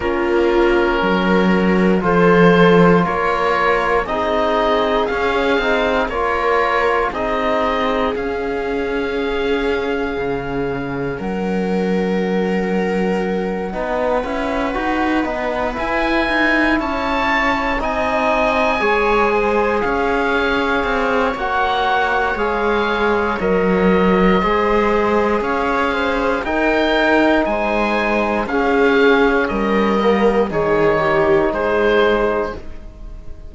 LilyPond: <<
  \new Staff \with { instrumentName = "oboe" } { \time 4/4 \tempo 4 = 59 ais'2 c''4 cis''4 | dis''4 f''4 cis''4 dis''4 | f''2. fis''4~ | fis''2.~ fis''8 gis''8~ |
gis''8 a''4 gis''2 f''8~ | f''4 fis''4 f''4 dis''4~ | dis''4 f''4 g''4 gis''4 | f''4 dis''4 cis''4 c''4 | }
  \new Staff \with { instrumentName = "viola" } { \time 4/4 f'4 ais'4 a'4 ais'4 | gis'2 ais'4 gis'4~ | gis'2. ais'4~ | ais'4. b'2~ b'8~ |
b'8 cis''4 dis''4 cis''8 c''8 cis''8~ | cis''1 | c''4 cis''8 c''8 ais'4 c''4 | gis'4 ais'4 gis'8 g'8 gis'4 | }
  \new Staff \with { instrumentName = "trombone" } { \time 4/4 cis'2 f'2 | dis'4 cis'8 dis'8 f'4 dis'4 | cis'1~ | cis'4. dis'8 e'8 fis'8 dis'8 e'8~ |
e'4. dis'4 gis'4.~ | gis'4 fis'4 gis'4 ais'4 | gis'2 dis'2 | cis'4. ais8 dis'2 | }
  \new Staff \with { instrumentName = "cello" } { \time 4/4 ais4 fis4 f4 ais4 | c'4 cis'8 c'8 ais4 c'4 | cis'2 cis4 fis4~ | fis4. b8 cis'8 dis'8 b8 e'8 |
dis'8 cis'4 c'4 gis4 cis'8~ | cis'8 c'8 ais4 gis4 fis4 | gis4 cis'4 dis'4 gis4 | cis'4 g4 dis4 gis4 | }
>>